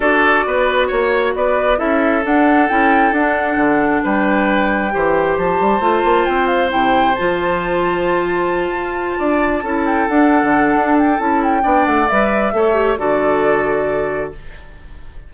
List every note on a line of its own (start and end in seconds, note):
0.00 0.45 D4
0.00 1.77 F#4
0.00 0.45 A4
0.00 0.88 D5
0.46 0.90 B3
0.46 0.87 B4
0.87 1.34 A#3
0.87 1.32 C#5
0.87 1.34 C#5
1.34 1.79 B3
1.34 1.78 B4
1.34 1.78 D5
1.77 2.24 C#4
1.77 2.22 E4
1.77 4.02 A4
1.77 2.23 E5
2.22 2.67 D4
2.22 2.69 D4
2.22 2.68 F#5
2.68 3.11 C#4
2.68 3.13 E4
2.68 3.13 G5
3.11 3.56 D4
3.11 4.90 D4
3.11 4.03 F#5
3.56 4.01 D3
4.03 4.94 G3
4.03 4.93 B4
4.03 5.37 G5
4.90 5.38 E3
4.90 5.80 G4
4.90 9.18 C5
5.37 5.60 F3
5.37 6.25 A5
5.60 5.79 G3
5.79 6.02 A3
5.79 6.68 F4
6.04 6.27 A#3
6.25 6.72 C4
6.25 6.46 G5
6.46 6.69 F5
6.68 7.17 C3
6.68 7.13 E4
6.68 7.15 G5
7.15 8.70 F3
7.15 9.64 F4
7.15 9.83 A5
8.70 9.15 F4
9.18 9.62 D4
9.18 9.63 D5
9.62 10.07 C#4
9.62 10.08 E4
9.62 11.62 A4
9.85 10.07 G5
10.08 11.18 D4
10.08 10.42 D4
10.08 10.97 F#5
10.43 10.75 D3
10.75 11.19 D4
10.98 11.20 G5
11.18 11.64 C#4
11.18 11.61 E4
11.18 11.42 A5
11.43 11.86 G5
11.61 11.86 B3
11.61 12.06 D4
11.61 12.52 D5
11.86 12.08 A3
11.86 12.08 F#5
12.08 12.53 G3
12.08 12.53 B4
12.08 12.97 E5
12.53 12.98 A3
12.53 12.73 A4
12.53 12.99 C#5
12.73 12.96 G4
12.98 14.32 D3
12.98 14.32 F#4
12.98 14.33 A4
12.98 14.32 D5